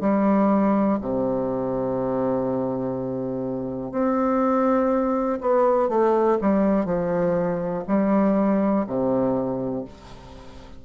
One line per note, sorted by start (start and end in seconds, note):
0.00 0.98 G3
1.01 3.91 C3
3.91 5.39 C4
5.41 5.88 B3
5.88 6.38 A3
6.41 6.85 G3
6.85 7.83 F3
7.87 8.85 G3
8.86 9.85 C3